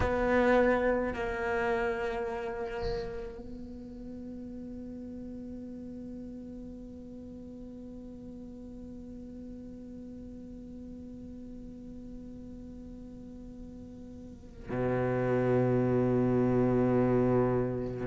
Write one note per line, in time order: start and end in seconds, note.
0.00 1.13 B3
1.13 3.40 A#3
3.40 14.69 B3
14.69 18.07 B2